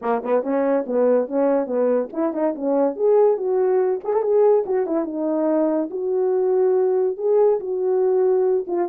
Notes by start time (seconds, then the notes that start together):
0.01 A#3
0.23 B3
0.42 C#4
0.86 B3
1.28 C#4
1.66 B3
2.12 E4
2.33 D#4
2.55 C#4
2.95 G#4
3.37 F#4
4.04 G#4
4.13 A4
4.22 G#4
4.66 F#4
4.86 E4
5.05 D#4
5.90 F#4
7.17 G#4
7.59 F#4
8.67 F4